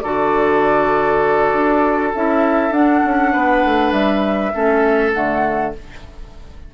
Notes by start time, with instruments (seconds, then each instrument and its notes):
0.00 bassoon D3, clarinet F#4, oboe A4, flute D5
1.53 bassoon D4
2.15 bassoon C#4, clarinet E4, flute E5
2.70 bassoon D4, clarinet D4, flute F#5
3.04 bassoon C#4
3.32 bassoon B3, oboe B4
3.64 bassoon A3
3.91 bassoon G3, flute E5
4.53 bassoon A3, clarinet C#4, oboe A4
5.13 bassoon D3, clarinet A3, flute F#5